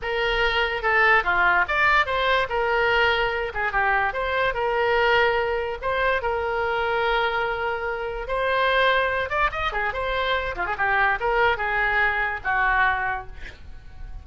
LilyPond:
\new Staff \with { instrumentName = "oboe" } { \time 4/4 \tempo 4 = 145 ais'2 a'4 f'4 | d''4 c''4 ais'2~ | ais'8 gis'8 g'4 c''4 ais'4~ | ais'2 c''4 ais'4~ |
ais'1 | c''2~ c''8 d''8 dis''8 gis'8 | c''4. f'16 gis'16 g'4 ais'4 | gis'2 fis'2 | }